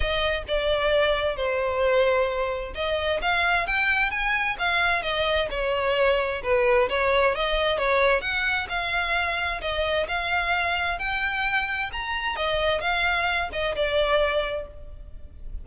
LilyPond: \new Staff \with { instrumentName = "violin" } { \time 4/4 \tempo 4 = 131 dis''4 d''2 c''4~ | c''2 dis''4 f''4 | g''4 gis''4 f''4 dis''4 | cis''2 b'4 cis''4 |
dis''4 cis''4 fis''4 f''4~ | f''4 dis''4 f''2 | g''2 ais''4 dis''4 | f''4. dis''8 d''2 | }